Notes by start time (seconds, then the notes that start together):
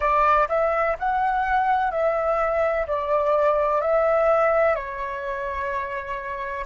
0.00 D5
0.48 E5
0.99 F#5
1.91 E5
2.87 D5
3.81 E5
4.74 C#5